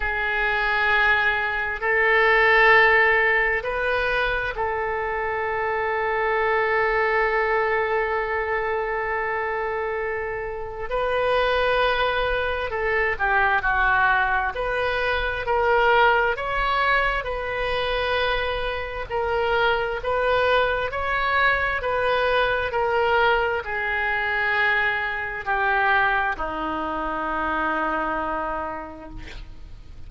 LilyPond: \new Staff \with { instrumentName = "oboe" } { \time 4/4 \tempo 4 = 66 gis'2 a'2 | b'4 a'2.~ | a'1 | b'2 a'8 g'8 fis'4 |
b'4 ais'4 cis''4 b'4~ | b'4 ais'4 b'4 cis''4 | b'4 ais'4 gis'2 | g'4 dis'2. | }